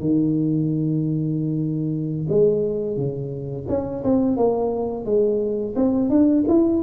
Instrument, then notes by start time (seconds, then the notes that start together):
tuba
0.00 D#3
2.29 G#3
2.97 C#3
3.68 C#4
4.04 C4
4.37 A#3
5.05 G#3
5.76 C4
6.10 D4
6.48 E4